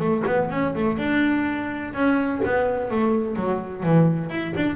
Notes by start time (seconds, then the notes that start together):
0.00 A3
0.27 B3
0.51 C#4
0.75 A3
0.98 D4
1.94 C#4
2.45 B3
2.91 A3
3.36 F#3
3.84 E3
4.30 E4
4.57 D4